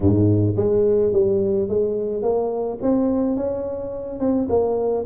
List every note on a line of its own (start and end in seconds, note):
0.00 0.54 G#2
0.56 1.12 G#3
1.12 1.68 G3
1.68 2.22 G#3
2.22 2.78 A#3
2.81 3.36 C4
3.36 4.19 C#4
4.19 4.47 C4
4.49 5.05 A#3